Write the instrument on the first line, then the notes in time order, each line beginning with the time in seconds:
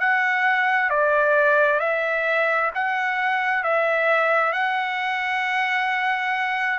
trumpet
0.00 F#5
0.90 D5
1.80 E5
2.75 F#5
3.64 E5
4.53 F#5